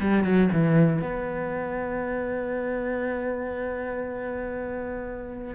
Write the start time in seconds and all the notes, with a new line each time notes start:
0.00 G3
0.24 F#3
0.52 E3
1.01 B3